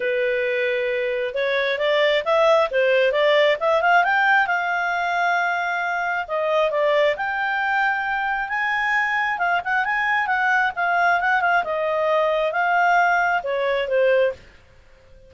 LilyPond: \new Staff \with { instrumentName = "clarinet" } { \time 4/4 \tempo 4 = 134 b'2. cis''4 | d''4 e''4 c''4 d''4 | e''8 f''8 g''4 f''2~ | f''2 dis''4 d''4 |
g''2. gis''4~ | gis''4 f''8 fis''8 gis''4 fis''4 | f''4 fis''8 f''8 dis''2 | f''2 cis''4 c''4 | }